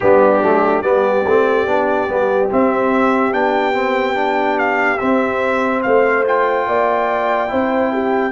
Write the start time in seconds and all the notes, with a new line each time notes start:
0.00 G3 B3 D4 G4
0.41 F#3 A3
0.81 G3 B3 G4 D5
1.27 A3 C4
1.66 B3 D4
2.08 G3 B3
2.50 C4 E5
3.32 B3 D4 G5
3.73 C4
4.14 D4
4.58 F5
4.98 C4 E5
5.82 A3 C5 F5
6.25 F4 G5
6.67 A#3 D5
7.47 C4 E4 C5
7.93 G4